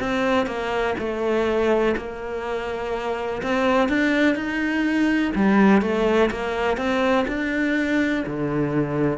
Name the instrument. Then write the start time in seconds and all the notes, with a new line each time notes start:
cello
0.00 C4
0.46 A#3
0.99 A3
1.97 A#3
3.42 C4
3.88 D4
4.35 D#4
5.35 G3
5.82 A3
6.31 A#3
6.77 C4
7.28 D4
8.27 D3